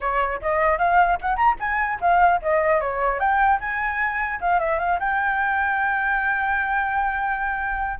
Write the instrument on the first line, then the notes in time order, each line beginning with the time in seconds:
flute
0.01 C#5
0.41 D#5
0.78 F5
1.21 F#5
1.36 A#5
1.59 G#5
2.00 F5
2.41 D#5
2.80 C#5
3.19 G5
3.59 G#5
4.40 F5
4.59 E5
4.79 F5
4.99 G5